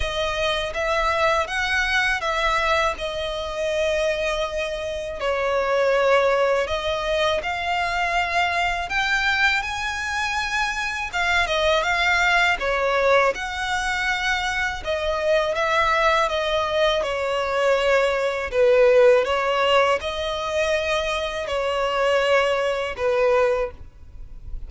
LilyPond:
\new Staff \with { instrumentName = "violin" } { \time 4/4 \tempo 4 = 81 dis''4 e''4 fis''4 e''4 | dis''2. cis''4~ | cis''4 dis''4 f''2 | g''4 gis''2 f''8 dis''8 |
f''4 cis''4 fis''2 | dis''4 e''4 dis''4 cis''4~ | cis''4 b'4 cis''4 dis''4~ | dis''4 cis''2 b'4 | }